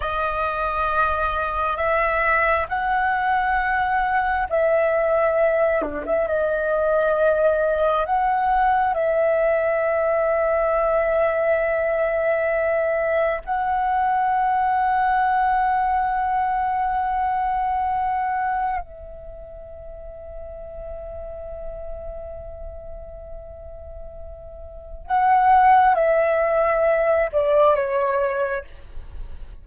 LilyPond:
\new Staff \with { instrumentName = "flute" } { \time 4/4 \tempo 4 = 67 dis''2 e''4 fis''4~ | fis''4 e''4. d'16 e''16 dis''4~ | dis''4 fis''4 e''2~ | e''2. fis''4~ |
fis''1~ | fis''4 e''2.~ | e''1 | fis''4 e''4. d''8 cis''4 | }